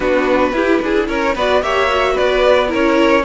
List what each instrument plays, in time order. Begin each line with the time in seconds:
0.00 cello B3, viola D4, violin F#4 B4
0.53 cello E4, viola E4, violin G4
0.82 cello D4, violin G#4
1.08 cello C#4, violin A#4 C#5
1.35 cello B3, viola F#4, violin B4 D5
1.62 cello A#3, viola G4, violin C#5 E5
1.89 viola F#4
2.13 violin B4 D5
2.19 cello B3
2.67 viola E4, violin A#4
2.73 cello C#4, violin C#5